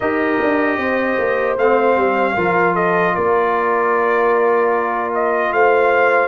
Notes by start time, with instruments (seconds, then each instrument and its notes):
0.00 tuba D#4, trombone G4, horn A#4, trumpet D#5
0.41 tuba D4
0.77 tuba C4, horn C5
1.18 tuba A#3
1.56 tuba A3, trombone C4, trumpet F5
1.96 tuba G3
2.36 tuba F3, trombone F4, horn A#4
2.74 horn A4, trumpet D#5
3.14 tuba A#3, horn A#4, trumpet D5
5.14 trumpet D#5
5.52 tuba A3, horn C5, trumpet F5